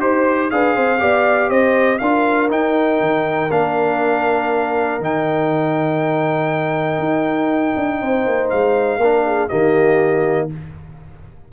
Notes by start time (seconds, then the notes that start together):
0.00 D#4 G4 C5
0.50 D4 G#4 B4 F5
0.75 C4 C5
0.98 B3 G4 D5
1.49 C4 C5 D#5
1.98 D4 F4 A#4 F5
2.49 D#4 G5
3.00 D#3
3.51 A#3 D4 F5
4.99 D#3 D#4 G5
6.99 D#4
7.76 D4
8.01 C4 C5
8.26 A#3
8.49 G#3 F5
8.98 A#3 D4 A#4
9.25 G#4
9.48 D#3 A#3 G4 D#5